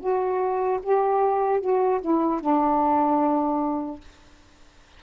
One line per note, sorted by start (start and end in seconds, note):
0.00 0.80 F#4
0.83 1.61 G4
1.61 2.01 F#4
2.01 2.41 E4
2.41 4.01 D4